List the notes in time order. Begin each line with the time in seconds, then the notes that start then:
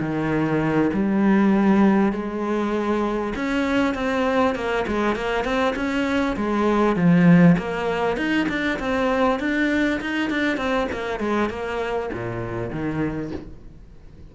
0.00 D#3
0.93 G3
2.12 G#3
3.35 C#4
3.94 C4
4.55 A#3
4.87 G#3
5.15 A#3
5.44 C4
5.75 C#4
6.36 G#3
6.96 F3
7.58 A#3
8.17 D#4
8.48 D4
8.79 C4
9.40 D4
10.01 D#4
10.30 D4
10.57 C4
10.92 A#3
11.20 G#3
11.49 A#3
12.13 A#2
12.70 D#3